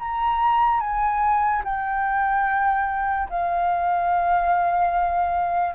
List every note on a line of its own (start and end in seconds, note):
0.00 0.81 A#5
0.81 1.63 G#5
1.65 3.29 G5
3.30 5.75 F5